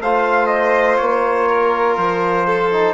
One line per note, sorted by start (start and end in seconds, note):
0.00 0.98 A3
0.00 2.72 F4
0.00 1.48 C5
0.00 0.46 F5
0.46 0.95 D#5
0.97 1.97 A#3
0.97 1.95 C#5
1.48 2.46 A#4
1.97 2.94 F3
1.97 2.94 C5
2.46 2.94 A4
2.72 2.94 D#4